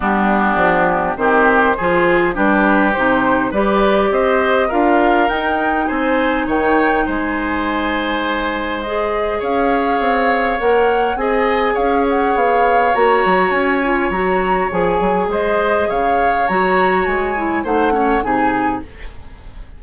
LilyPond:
<<
  \new Staff \with { instrumentName = "flute" } { \time 4/4 \tempo 4 = 102 g'2 c''2 | b'4 c''4 d''4 dis''4 | f''4 g''4 gis''4 g''4 | gis''2. dis''4 |
f''2 fis''4 gis''4 | f''8 fis''8 f''4 ais''4 gis''4 | ais''4 gis''4 dis''4 f''4 | ais''4 gis''4 fis''4 gis''4 | }
  \new Staff \with { instrumentName = "oboe" } { \time 4/4 d'2 g'4 gis'4 | g'2 b'4 c''4 | ais'2 c''4 cis''4 | c''1 |
cis''2. dis''4 | cis''1~ | cis''2 c''4 cis''4~ | cis''2 c''8 cis''8 gis'4 | }
  \new Staff \with { instrumentName = "clarinet" } { \time 4/4 b2 c'4 f'4 | d'4 dis'4 g'2 | f'4 dis'2.~ | dis'2. gis'4~ |
gis'2 ais'4 gis'4~ | gis'2 fis'4. f'8 | fis'4 gis'2. | fis'4. e'8 dis'8 cis'8 dis'4 | }
  \new Staff \with { instrumentName = "bassoon" } { \time 4/4 g4 f4 dis4 f4 | g4 c4 g4 c'4 | d'4 dis'4 c'4 dis4 | gis1 |
cis'4 c'4 ais4 c'4 | cis'4 b4 ais8 fis8 cis'4 | fis4 f8 fis8 gis4 cis4 | fis4 gis4 a4 c4 | }
>>